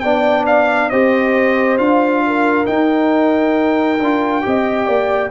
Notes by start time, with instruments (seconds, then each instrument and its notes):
0.00 tuba B3, trombone D4, horn D5, trumpet G5
0.46 trumpet F5
0.89 tuba C4, trombone G4, horn C5, trumpet D#5
1.78 tuba D4, trombone F4, trumpet F5
2.27 horn A#4
2.66 trombone D#4, tuba D#4, trumpet G5
4.00 tuba D4, trombone F4
4.42 tuba C4, trombone G4, horn D#5
4.86 tuba A#3, horn D5